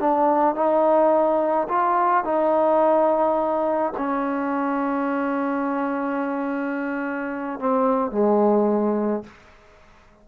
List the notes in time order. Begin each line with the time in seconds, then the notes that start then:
0.00 D4
0.55 D#4
1.68 F4
2.24 D#4
3.97 C#4
7.59 C4
8.11 G#3